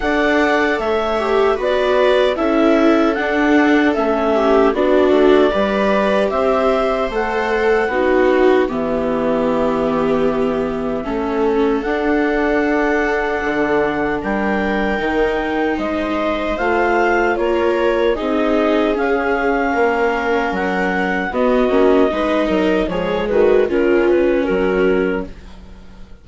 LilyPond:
<<
  \new Staff \with { instrumentName = "clarinet" } { \time 4/4 \tempo 4 = 76 fis''4 e''4 d''4 e''4 | fis''4 e''4 d''2 | e''4 fis''2 e''4~ | e''2. fis''4~ |
fis''2 g''2 | dis''4 f''4 cis''4 dis''4 | f''2 fis''4 dis''4~ | dis''4 cis''8 b'8 ais'8 b'8 ais'4 | }
  \new Staff \with { instrumentName = "viola" } { \time 4/4 d''4 cis''4 b'4 a'4~ | a'4. g'8 fis'4 b'4 | c''2 fis'4 g'4~ | g'2 a'2~ |
a'2 ais'2 | c''2 ais'4 gis'4~ | gis'4 ais'2 fis'4 | b'8 ais'8 gis'8 fis'8 f'4 fis'4 | }
  \new Staff \with { instrumentName = "viola" } { \time 4/4 a'4. g'8 fis'4 e'4 | d'4 cis'4 d'4 g'4~ | g'4 a'4 dis'4 b4~ | b2 cis'4 d'4~ |
d'2. dis'4~ | dis'4 f'2 dis'4 | cis'2. b8 cis'8 | dis'4 gis4 cis'2 | }
  \new Staff \with { instrumentName = "bassoon" } { \time 4/4 d'4 a4 b4 cis'4 | d'4 a4 b8 a8 g4 | c'4 a4 b4 e4~ | e2 a4 d'4~ |
d'4 d4 g4 dis4 | gis4 a4 ais4 c'4 | cis'4 ais4 fis4 b8 ais8 | gis8 fis8 f8 dis8 cis4 fis4 | }
>>